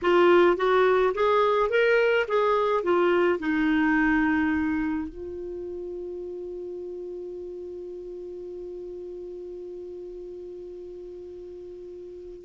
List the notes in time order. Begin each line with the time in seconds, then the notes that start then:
0.02 F4
0.56 F#4
1.14 G#4
1.69 A#4
2.28 G#4
2.83 F4
3.39 D#4
5.08 F4